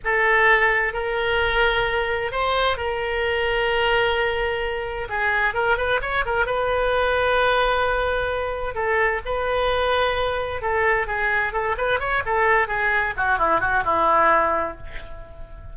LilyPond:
\new Staff \with { instrumentName = "oboe" } { \time 4/4 \tempo 4 = 130 a'2 ais'2~ | ais'4 c''4 ais'2~ | ais'2. gis'4 | ais'8 b'8 cis''8 ais'8 b'2~ |
b'2. a'4 | b'2. a'4 | gis'4 a'8 b'8 cis''8 a'4 gis'8~ | gis'8 fis'8 e'8 fis'8 e'2 | }